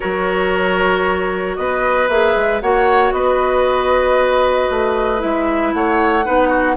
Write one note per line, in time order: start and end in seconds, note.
0.00 1.58 F#3
0.00 2.07 F#4
0.00 1.56 A#4
0.00 1.56 C#5
1.56 2.08 B3
1.56 2.62 B4
1.56 2.08 D#5
2.08 2.35 A#3
2.08 2.61 G#4
2.08 2.60 E5
2.35 2.61 G#3
2.61 3.11 A#3
2.61 5.18 F#4
2.61 3.13 C#5
2.61 3.12 F#5
3.11 4.68 B3
3.11 5.74 B4
3.11 5.21 D#5
4.70 5.22 A3
5.18 5.73 G#3
5.18 6.22 E4
5.18 5.73 E5
5.73 6.25 A3
5.73 6.25 C#5
5.73 6.77 F#5
6.24 6.77 B3
6.24 6.77 D#4
6.24 6.48 B4
6.48 6.74 F#4